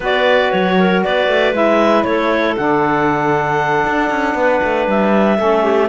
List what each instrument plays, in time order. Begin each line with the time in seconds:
0.00 cello B3, saxophone F#4, clarinet B4 D5
0.51 cello F#3, clarinet C#5
0.79 clarinet A#4
1.03 cello B3, clarinet B4 D5
1.28 cello A3
1.52 cello G#3, saxophone E4, clarinet E5
2.03 cello A3, clarinet A4 C#5
2.57 cello D3, saxophone D4, clarinet F#5
3.86 cello D4
4.10 cello C#4
4.34 cello B3, clarinet B4
4.63 cello A3
4.87 cello G3, clarinet E5
5.37 cello A3, saxophone C#4, clarinet A4
5.63 clarinet G4